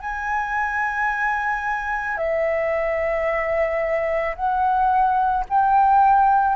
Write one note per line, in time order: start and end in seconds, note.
0.00 2.17 G#5
2.17 4.35 E5
4.36 5.45 F#5
5.49 6.56 G5